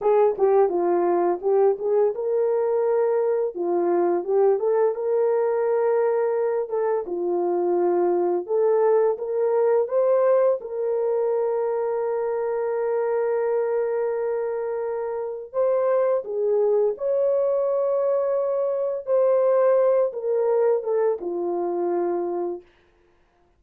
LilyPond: \new Staff \with { instrumentName = "horn" } { \time 4/4 \tempo 4 = 85 gis'8 g'8 f'4 g'8 gis'8 ais'4~ | ais'4 f'4 g'8 a'8 ais'4~ | ais'4. a'8 f'2 | a'4 ais'4 c''4 ais'4~ |
ais'1~ | ais'2 c''4 gis'4 | cis''2. c''4~ | c''8 ais'4 a'8 f'2 | }